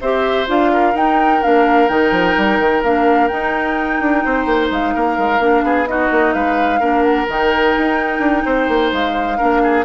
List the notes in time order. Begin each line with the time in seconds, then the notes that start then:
0.00 C4 G4 C5 E5
0.46 D4 F4 F5
0.72 A#4
0.94 D#4 G5
1.42 A#3 D4 F5
1.88 D#3 D#4 G5
2.11 F3
2.36 G3
2.59 D#3
2.83 A#3 D4 F5
3.27 D#4 G5
4.00 D4
4.24 C4 C5
4.45 A#3
4.70 G#3 F5
4.94 A#3 A#4
5.17 G#3
5.39 A#3 D4
5.62 B3 G#4
5.87 D#4 F#4 D#5
6.11 A#3
6.33 G#3 B4 F5
6.79 A#3 D4 A#4
7.02 F#5
7.28 D#3 D#4 G5
7.77 D#4
8.19 D4
8.45 C4 C5
8.68 A#3
8.92 G#3 F5
9.37 A#3 D4 A#4
9.63 G#4